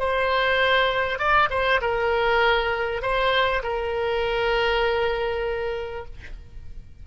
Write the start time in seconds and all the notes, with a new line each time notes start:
0.00 C5
1.19 D5
1.51 C5
1.82 A#4
3.02 C5
3.63 A#4